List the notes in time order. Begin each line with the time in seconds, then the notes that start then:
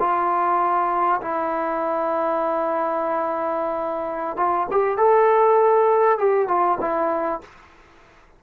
0.00 F4
1.22 E4
4.37 F4
4.72 G4
4.98 A4
6.19 G4
6.48 F4
6.81 E4